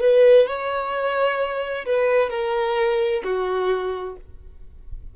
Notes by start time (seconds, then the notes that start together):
0.00 B4
0.46 C#5
1.85 B4
2.30 A#4
3.23 F#4